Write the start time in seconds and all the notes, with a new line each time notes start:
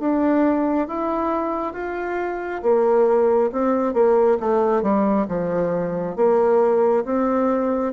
0.00 D4
0.88 E4
1.74 F4
2.63 A#3
3.52 C4
3.94 A#3
4.40 A3
4.82 G3
5.28 F3
6.16 A#3
7.05 C4